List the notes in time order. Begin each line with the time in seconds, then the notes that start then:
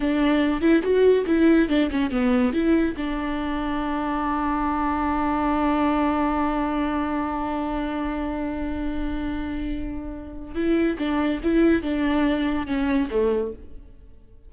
0.00 D4
0.61 E4
0.83 F#4
1.26 E4
1.69 D4
1.90 C#4
2.10 B3
2.52 E4
2.96 D4
10.54 E4
10.98 D4
11.43 E4
11.82 D4
12.66 C#4
13.10 A3